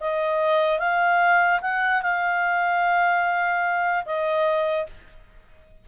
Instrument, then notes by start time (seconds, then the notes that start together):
clarinet
0.00 D#5
0.79 F5
1.62 F#5
2.02 F5
4.05 D#5